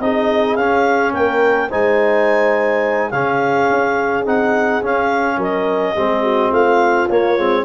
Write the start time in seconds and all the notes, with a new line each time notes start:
0.00 C4 D#4 G#4 D#5
0.56 C#4 F5
1.13 A#3 A#4 G5
1.70 G#3 D#4 C5 G#5
3.11 C#3 C#4 G#4 F5
3.71 C#4
4.26 C4 D#4 F#5
4.83 C#4 F5
5.37 F#3 A#4 D#5
5.96 G#3 C4 G#4
6.23 F#4
6.50 A3 F4 F5
7.09 A#3 C#5
7.38 G#3 C4